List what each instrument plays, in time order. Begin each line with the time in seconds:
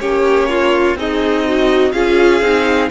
0.00 cello A#3, viola C#4, violin G4 C#5
0.49 violin F4
0.95 cello C4, violin D#4 D#5, viola G#4
1.47 viola F#4
1.92 cello C#4, viola F4, violin G#4 F5
2.41 cello C4, viola D#4